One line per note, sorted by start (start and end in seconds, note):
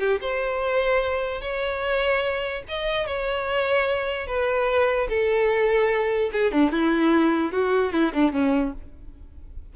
0.00 0.20 G4
0.22 1.42 C5
1.42 2.64 C#5
2.69 3.07 D#5
3.07 4.28 C#5
4.28 5.09 B4
5.10 6.31 A4
6.33 6.52 G#4
6.52 6.72 D4
6.72 7.52 E4
7.52 7.93 F#4
7.93 8.13 E4
8.14 8.33 D4
8.33 8.73 C#4